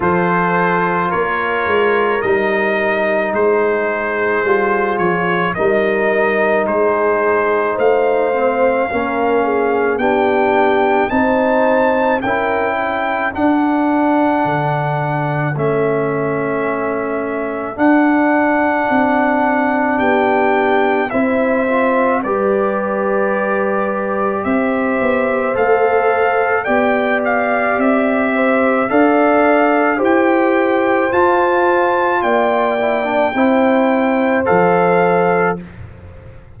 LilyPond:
<<
  \new Staff \with { instrumentName = "trumpet" } { \time 4/4 \tempo 4 = 54 c''4 cis''4 dis''4 c''4~ | c''8 cis''8 dis''4 c''4 f''4~ | f''4 g''4 a''4 g''4 | fis''2 e''2 |
fis''2 g''4 e''4 | d''2 e''4 f''4 | g''8 f''8 e''4 f''4 g''4 | a''4 g''2 f''4 | }
  \new Staff \with { instrumentName = "horn" } { \time 4/4 a'4 ais'2 gis'4~ | gis'4 ais'4 gis'4 c''4 | ais'8 gis'8 g'4 c''4 ais'8 a'8~ | a'1~ |
a'2 g'4 c''4 | b'2 c''2 | d''4. c''8 d''4 c''4~ | c''4 d''4 c''2 | }
  \new Staff \with { instrumentName = "trombone" } { \time 4/4 f'2 dis'2 | f'4 dis'2~ dis'8 c'8 | cis'4 d'4 dis'4 e'4 | d'2 cis'2 |
d'2. e'8 f'8 | g'2. a'4 | g'2 a'4 g'4 | f'4. e'16 d'16 e'4 a'4 | }
  \new Staff \with { instrumentName = "tuba" } { \time 4/4 f4 ais8 gis8 g4 gis4 | g8 f8 g4 gis4 a4 | ais4 b4 c'4 cis'4 | d'4 d4 a2 |
d'4 c'4 b4 c'4 | g2 c'8 b8 a4 | b4 c'4 d'4 e'4 | f'4 ais4 c'4 f4 | }
>>